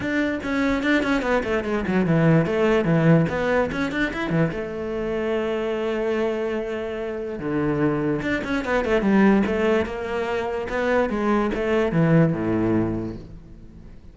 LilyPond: \new Staff \with { instrumentName = "cello" } { \time 4/4 \tempo 4 = 146 d'4 cis'4 d'8 cis'8 b8 a8 | gis8 fis8 e4 a4 e4 | b4 cis'8 d'8 e'8 e8 a4~ | a1~ |
a2 d2 | d'8 cis'8 b8 a8 g4 a4 | ais2 b4 gis4 | a4 e4 a,2 | }